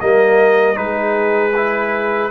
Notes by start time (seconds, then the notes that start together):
0.00 G3 A#3 A#4 D#5
0.75 G#3 D#4 G#4 B4
1.56 E4